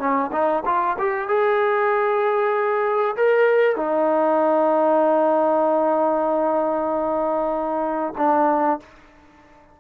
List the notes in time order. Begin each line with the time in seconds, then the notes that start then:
0.00 C#4
0.32 D#4
0.66 F4
0.99 G4
1.29 G#4
3.17 A#4
3.77 D#4
8.18 D4